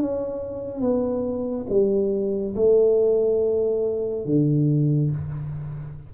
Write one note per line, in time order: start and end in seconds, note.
0.00 0.81 C#4
0.81 1.67 B3
1.70 2.56 G3
2.56 4.26 A3
4.26 5.12 D3